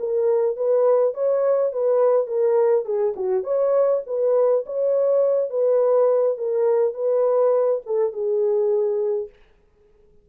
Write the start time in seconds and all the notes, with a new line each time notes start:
0.00 A#4
0.57 B4
1.15 C#5
1.73 B4
2.27 A#4
2.85 G#4
3.16 F#4
3.44 C#5
4.07 B4
4.66 C#5
5.50 B4
6.38 A#4
6.94 B4
7.86 A4
8.13 G#4